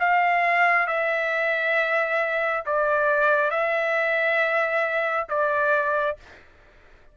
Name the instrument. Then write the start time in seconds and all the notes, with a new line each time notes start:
trumpet
0.00 F5
0.87 E5
2.66 D5
3.51 E5
5.29 D5